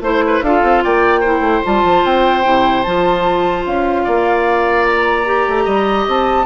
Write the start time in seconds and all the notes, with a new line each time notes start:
0.00 A3 E4 C5
0.27 B4
0.42 D4 F4 A4 F5
0.63 C4
0.84 A#3 D5 G5
1.20 E4 C5
1.40 A3
1.64 G3 F4 A5
1.83 F3
2.05 C4 G5
2.44 C3 E4
2.83 F3 F4 A5
3.66 C#4 F5
4.04 A#3 D5
4.85 A#5
5.26 G4
5.48 A3
5.64 G3 D#5
6.07 C4 A5